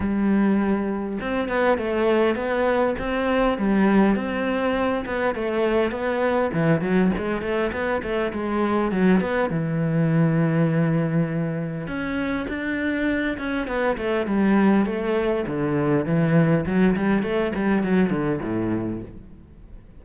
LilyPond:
\new Staff \with { instrumentName = "cello" } { \time 4/4 \tempo 4 = 101 g2 c'8 b8 a4 | b4 c'4 g4 c'4~ | c'8 b8 a4 b4 e8 fis8 | gis8 a8 b8 a8 gis4 fis8 b8 |
e1 | cis'4 d'4. cis'8 b8 a8 | g4 a4 d4 e4 | fis8 g8 a8 g8 fis8 d8 a,4 | }